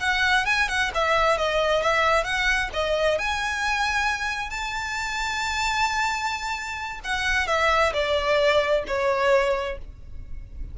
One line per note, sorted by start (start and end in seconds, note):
0.00 0.45 F#5
0.46 0.68 G#5
0.68 0.91 F#5
0.94 1.37 E5
1.37 1.82 D#5
1.82 2.24 E5
2.24 2.69 F#5
2.73 3.18 D#5
3.18 4.50 G#5
4.50 7.00 A5
7.04 7.47 F#5
7.47 7.93 E5
7.93 8.84 D5
8.87 9.78 C#5